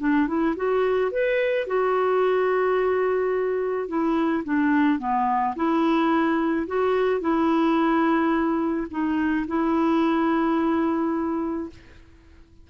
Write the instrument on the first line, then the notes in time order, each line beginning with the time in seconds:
clarinet
0.00 D4
0.28 E4
0.57 F#4
1.12 B4
1.67 F#4
3.88 E4
4.45 D4
4.99 B3
5.56 E4
6.68 F#4
7.21 E4
8.91 D#4
9.48 E4